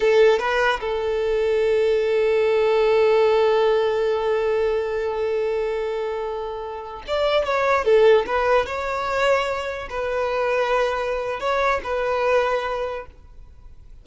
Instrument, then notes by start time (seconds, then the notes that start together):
violin
0.00 A4
0.39 B4
0.80 A4
7.07 D5
7.44 C#5
7.84 A4
8.26 B4
8.66 C#5
9.89 B4
11.40 C#5
11.83 B4